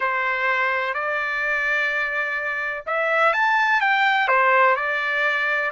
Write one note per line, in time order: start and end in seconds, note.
0.00 0.94 C5
0.94 2.84 D5
2.86 3.33 E5
3.33 3.81 A5
3.81 4.28 G5
4.28 4.75 C5
4.75 5.71 D5